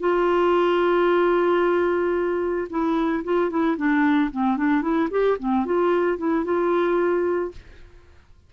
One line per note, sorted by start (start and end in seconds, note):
0.00 2.68 F4
2.70 3.24 E4
3.25 3.50 F4
3.50 3.77 E4
3.77 4.31 D4
4.32 4.57 C4
4.57 4.82 D4
4.82 5.09 E4
5.11 5.38 G4
5.39 5.66 C4
5.66 6.18 F4
6.18 6.45 E4
6.45 7.52 F4